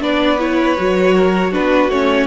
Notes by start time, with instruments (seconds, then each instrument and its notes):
0.00 cello B3, viola D4, violin B4 D5
0.39 viola E4, violin C#5
0.77 cello F#3, viola F#4
1.14 violin A#4
1.51 cello B3, viola D4, violin F#4 B4
1.88 cello A3, viola C#4, violin C#5